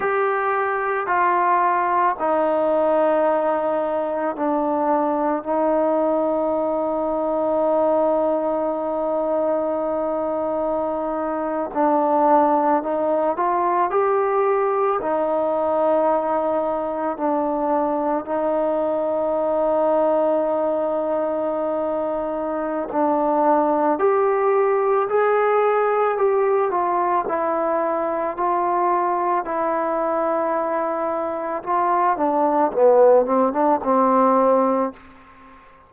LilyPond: \new Staff \with { instrumentName = "trombone" } { \time 4/4 \tempo 4 = 55 g'4 f'4 dis'2 | d'4 dis'2.~ | dis'2~ dis'8. d'4 dis'16~ | dis'16 f'8 g'4 dis'2 d'16~ |
d'8. dis'2.~ dis'16~ | dis'4 d'4 g'4 gis'4 | g'8 f'8 e'4 f'4 e'4~ | e'4 f'8 d'8 b8 c'16 d'16 c'4 | }